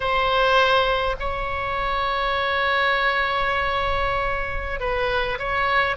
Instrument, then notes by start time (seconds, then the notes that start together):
oboe
0.00 C5
1.19 C#5
4.80 B4
5.39 C#5